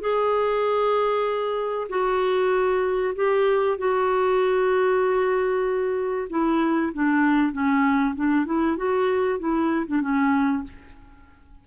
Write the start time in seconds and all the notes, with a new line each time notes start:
0.00 G#4
1.89 F#4
3.15 G4
3.78 F#4
6.30 E4
6.93 D4
7.52 C#4
8.15 D4
8.45 E4
8.76 F#4
9.39 E4
9.86 D4
10.01 C#4